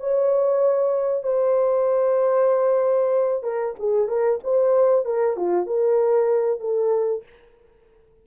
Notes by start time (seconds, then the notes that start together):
0.00 C#5
1.23 C5
3.43 A#4
3.79 G#4
4.08 A#4
4.44 C5
5.05 A#4
5.36 F4
5.66 A#4
6.60 A4